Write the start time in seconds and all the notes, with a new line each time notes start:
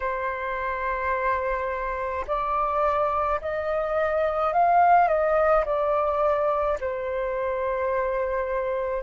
0.00 C5
2.27 D5
3.41 D#5
4.53 F5
5.07 D#5
5.65 D5
6.80 C5